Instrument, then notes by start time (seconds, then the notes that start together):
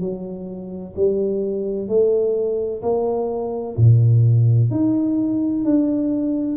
tuba
0.00 F#3
0.95 G3
1.88 A3
2.82 A#3
3.76 A#2
4.70 D#4
5.64 D4